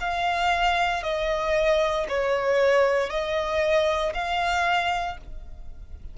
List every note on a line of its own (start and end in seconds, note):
0.00 1.03 F5
1.03 2.06 D#5
2.09 3.10 C#5
3.10 4.13 D#5
4.14 5.17 F5